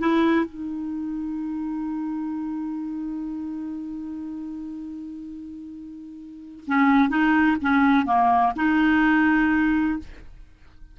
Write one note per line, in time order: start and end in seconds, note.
0.00 0.46 E4
0.46 6.65 D#4
6.68 7.10 C#4
7.10 7.57 D#4
7.62 8.06 C#4
8.06 8.54 A#3
8.56 9.99 D#4